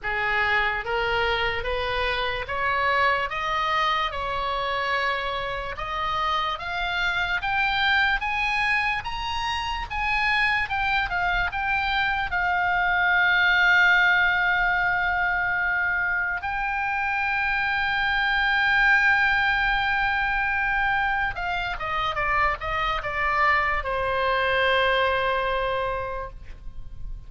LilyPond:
\new Staff \with { instrumentName = "oboe" } { \time 4/4 \tempo 4 = 73 gis'4 ais'4 b'4 cis''4 | dis''4 cis''2 dis''4 | f''4 g''4 gis''4 ais''4 | gis''4 g''8 f''8 g''4 f''4~ |
f''1 | g''1~ | g''2 f''8 dis''8 d''8 dis''8 | d''4 c''2. | }